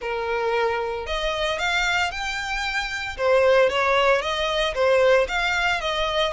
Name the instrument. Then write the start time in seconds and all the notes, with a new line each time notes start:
violin
0.01 A#4
1.06 D#5
1.58 F5
2.11 G5
3.17 C5
3.69 C#5
4.21 D#5
4.74 C5
5.28 F5
5.80 D#5